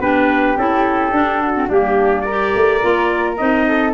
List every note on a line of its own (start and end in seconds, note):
0.00 0.56 B3
0.00 0.57 D4
0.00 1.42 G4
0.00 0.57 B4
0.57 1.11 C#4
0.57 1.12 E4
0.57 1.70 A4
1.11 1.68 D4
1.11 1.54 D4
1.42 1.69 F#4
1.54 1.68 C4
1.69 2.54 G3
1.69 2.27 A#3
1.69 2.25 D4
1.69 2.21 G4
2.21 3.65 A#4
2.21 3.33 D5
2.28 2.81 G4
2.54 2.82 A3
2.81 3.40 A#3
2.81 3.37 F4
3.37 3.93 C4
3.37 3.93 D#4
3.37 3.93 D#5
3.67 3.93 A4